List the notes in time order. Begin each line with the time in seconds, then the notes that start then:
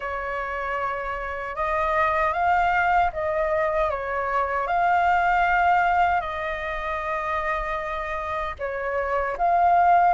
0.00 C#5
1.55 D#5
2.33 F5
3.12 D#5
3.90 C#5
4.67 F5
6.21 D#5
8.59 C#5
9.37 F5